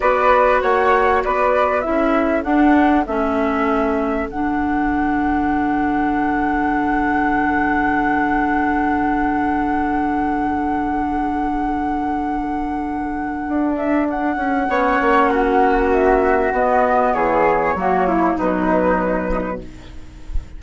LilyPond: <<
  \new Staff \with { instrumentName = "flute" } { \time 4/4 \tempo 4 = 98 d''4 fis''4 d''4 e''4 | fis''4 e''2 fis''4~ | fis''1~ | fis''1~ |
fis''1~ | fis''2~ fis''8 e''8 fis''4~ | fis''2 e''4 dis''4 | cis''2 b'2 | }
  \new Staff \with { instrumentName = "flute" } { \time 4/4 b'4 cis''4 b'4 a'4~ | a'1~ | a'1~ | a'1~ |
a'1~ | a'1 | cis''4 fis'2. | gis'4 fis'8 e'8 dis'2 | }
  \new Staff \with { instrumentName = "clarinet" } { \time 4/4 fis'2. e'4 | d'4 cis'2 d'4~ | d'1~ | d'1~ |
d'1~ | d'1 | cis'2. b4~ | b4 ais4 fis2 | }
  \new Staff \with { instrumentName = "bassoon" } { \time 4/4 b4 ais4 b4 cis'4 | d'4 a2 d4~ | d1~ | d1~ |
d1~ | d2 d'4. cis'8 | b8 ais2~ ais8 b4 | e4 fis4 b,2 | }
>>